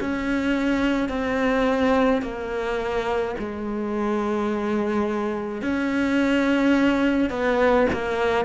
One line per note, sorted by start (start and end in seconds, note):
0.00 1.09 C#4
1.09 2.22 C4
2.22 3.35 A#3
3.39 5.61 G#3
5.61 7.30 C#4
7.30 7.87 B3
7.93 8.45 A#3